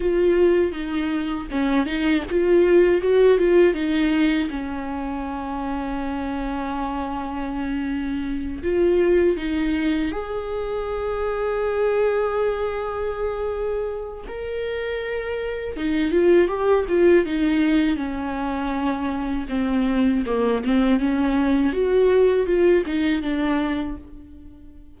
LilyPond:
\new Staff \with { instrumentName = "viola" } { \time 4/4 \tempo 4 = 80 f'4 dis'4 cis'8 dis'8 f'4 | fis'8 f'8 dis'4 cis'2~ | cis'2.~ cis'8 f'8~ | f'8 dis'4 gis'2~ gis'8~ |
gis'2. ais'4~ | ais'4 dis'8 f'8 g'8 f'8 dis'4 | cis'2 c'4 ais8 c'8 | cis'4 fis'4 f'8 dis'8 d'4 | }